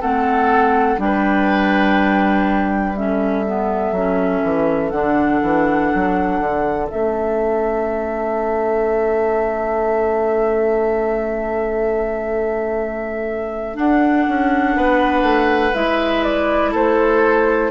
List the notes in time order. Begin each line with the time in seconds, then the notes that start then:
0.00 A3 C4 A4 F#5
0.98 G3 D4 G5
1.04 B4
2.95 C#4 A4 E5
3.46 B3
3.92 F#3 C#4
4.43 E3
4.90 D3 D4 F#5
5.42 E3
5.94 F#3
6.40 D3
6.89 A3 C#4 E5
13.74 D4 F#5
14.28 C#4
14.76 B3 B4
15.22 A3
15.74 G#3 E4 E5
16.23 D5
16.71 A3 A4 C5